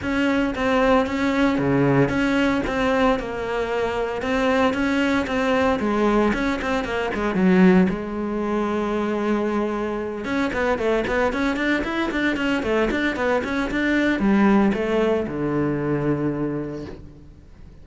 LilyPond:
\new Staff \with { instrumentName = "cello" } { \time 4/4 \tempo 4 = 114 cis'4 c'4 cis'4 cis4 | cis'4 c'4 ais2 | c'4 cis'4 c'4 gis4 | cis'8 c'8 ais8 gis8 fis4 gis4~ |
gis2.~ gis8 cis'8 | b8 a8 b8 cis'8 d'8 e'8 d'8 cis'8 | a8 d'8 b8 cis'8 d'4 g4 | a4 d2. | }